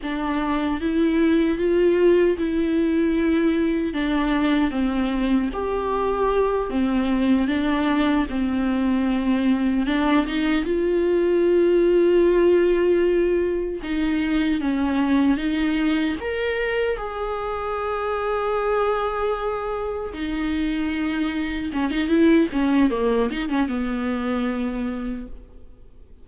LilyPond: \new Staff \with { instrumentName = "viola" } { \time 4/4 \tempo 4 = 76 d'4 e'4 f'4 e'4~ | e'4 d'4 c'4 g'4~ | g'8 c'4 d'4 c'4.~ | c'8 d'8 dis'8 f'2~ f'8~ |
f'4. dis'4 cis'4 dis'8~ | dis'8 ais'4 gis'2~ gis'8~ | gis'4. dis'2 cis'16 dis'16 | e'8 cis'8 ais8 dis'16 cis'16 b2 | }